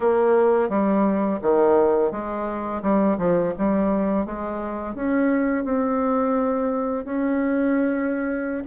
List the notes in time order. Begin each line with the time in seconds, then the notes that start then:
0.00 A#3
0.69 G3
1.41 D#3
2.11 G#3
2.82 G3
3.18 F3
3.58 G3
4.25 G#3
4.94 C#4
5.64 C4
7.05 C#4